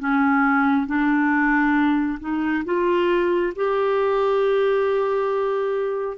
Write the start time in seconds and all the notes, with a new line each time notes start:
0.00 C#4
0.87 D4
2.21 D#4
2.66 F4
3.56 G4